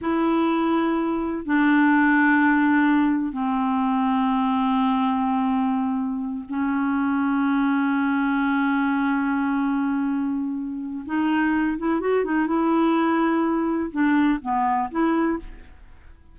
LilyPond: \new Staff \with { instrumentName = "clarinet" } { \time 4/4 \tempo 4 = 125 e'2. d'4~ | d'2. c'4~ | c'1~ | c'4. cis'2~ cis'8~ |
cis'1~ | cis'2. dis'4~ | dis'8 e'8 fis'8 dis'8 e'2~ | e'4 d'4 b4 e'4 | }